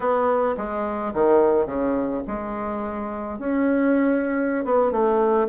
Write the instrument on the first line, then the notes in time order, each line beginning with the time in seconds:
bassoon
0.00 B3
0.57 G#3
1.13 D#3
1.65 C#3
2.27 G#3
3.38 C#4
4.64 B3
4.91 A3